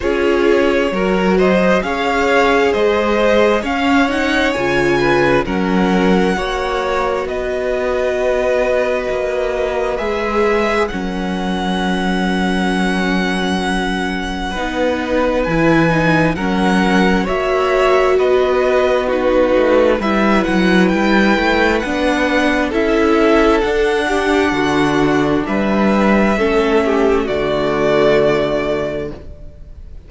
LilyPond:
<<
  \new Staff \with { instrumentName = "violin" } { \time 4/4 \tempo 4 = 66 cis''4. dis''8 f''4 dis''4 | f''8 fis''8 gis''4 fis''2 | dis''2. e''4 | fis''1~ |
fis''4 gis''4 fis''4 e''4 | dis''4 b'4 e''8 fis''8 g''4 | fis''4 e''4 fis''2 | e''2 d''2 | }
  \new Staff \with { instrumentName = "violin" } { \time 4/4 gis'4 ais'8 c''8 cis''4 c''4 | cis''4. b'8 ais'4 cis''4 | b'1 | ais'1 |
b'2 ais'4 cis''4 | b'4 fis'4 b'2~ | b'4 a'4. g'8 fis'4 | b'4 a'8 g'8 fis'2 | }
  \new Staff \with { instrumentName = "viola" } { \time 4/4 f'4 fis'4 gis'2 | cis'8 dis'8 f'4 cis'4 fis'4~ | fis'2. gis'4 | cis'1 |
dis'4 e'8 dis'8 cis'4 fis'4~ | fis'4 dis'4 e'2 | d'4 e'4 d'2~ | d'4 cis'4 a2 | }
  \new Staff \with { instrumentName = "cello" } { \time 4/4 cis'4 fis4 cis'4 gis4 | cis'4 cis4 fis4 ais4 | b2 ais4 gis4 | fis1 |
b4 e4 fis4 ais4 | b4. a8 g8 fis8 g8 a8 | b4 cis'4 d'4 d4 | g4 a4 d2 | }
>>